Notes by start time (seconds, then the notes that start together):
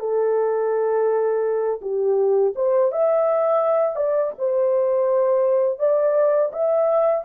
0.00 A4
1.81 G4
2.56 C5
2.92 E5
3.96 D5
4.38 C5
5.79 D5
6.53 E5